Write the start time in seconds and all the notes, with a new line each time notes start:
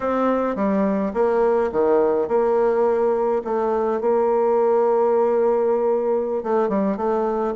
0.00 C4
0.55 G3
1.13 A#3
1.71 D#3
2.28 A#3
3.44 A3
4.00 A#3
6.43 A3
6.68 G3
6.96 A3